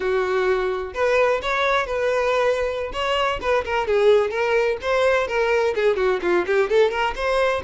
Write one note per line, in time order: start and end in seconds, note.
0.00 0.93 F#4
0.94 1.41 B4
1.42 1.86 C#5
1.86 2.91 B4
2.92 3.39 C#5
3.41 3.64 B4
3.64 3.87 A#4
3.87 4.30 G#4
4.30 4.77 A#4
4.81 5.27 C5
5.27 5.74 A#4
5.75 5.96 G#4
5.96 6.19 F#4
6.22 6.45 F4
6.46 6.69 G4
6.69 6.90 A4
6.90 7.14 A#4
7.15 7.62 C5